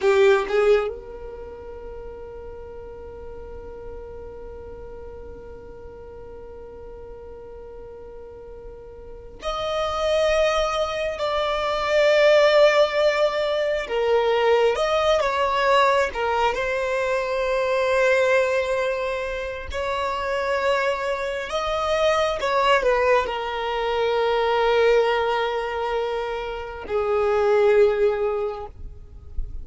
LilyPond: \new Staff \with { instrumentName = "violin" } { \time 4/4 \tempo 4 = 67 g'8 gis'8 ais'2.~ | ais'1~ | ais'2~ ais'8 dis''4.~ | dis''8 d''2. ais'8~ |
ais'8 dis''8 cis''4 ais'8 c''4.~ | c''2 cis''2 | dis''4 cis''8 b'8 ais'2~ | ais'2 gis'2 | }